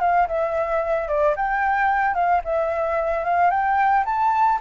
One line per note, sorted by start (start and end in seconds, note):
0.00 0.27 F5
0.28 1.08 E5
1.08 1.35 D5
1.36 2.14 G5
2.14 2.41 F5
2.44 3.24 E5
3.24 3.50 F5
3.50 4.04 G5
4.05 4.59 A5